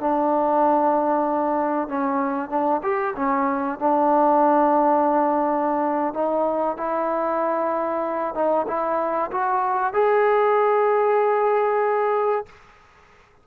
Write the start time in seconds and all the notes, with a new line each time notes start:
0.00 D4
1.89 C#4
2.50 D4
2.84 G4
3.16 C#4
3.80 D4
6.14 D#4
6.77 E4
8.35 D#4
8.68 E4
9.32 F#4
9.94 G#4